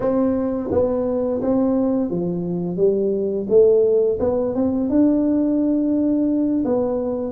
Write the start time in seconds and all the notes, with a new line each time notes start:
0.00 C4
0.71 B3
1.41 C4
2.10 F3
2.77 G3
3.49 A3
4.19 B3
4.54 C4
4.89 D4
6.65 B3